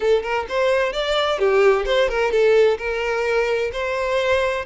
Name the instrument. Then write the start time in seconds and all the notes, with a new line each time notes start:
violin
0.00 A4
0.22 A#4
0.48 C5
0.92 D5
1.38 G4
1.85 C5
2.08 A#4
2.31 A4
2.78 A#4
3.72 C5